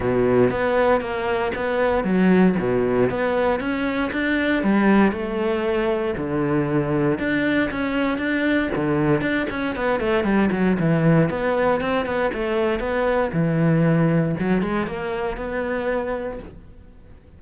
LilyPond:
\new Staff \with { instrumentName = "cello" } { \time 4/4 \tempo 4 = 117 b,4 b4 ais4 b4 | fis4 b,4 b4 cis'4 | d'4 g4 a2 | d2 d'4 cis'4 |
d'4 d4 d'8 cis'8 b8 a8 | g8 fis8 e4 b4 c'8 b8 | a4 b4 e2 | fis8 gis8 ais4 b2 | }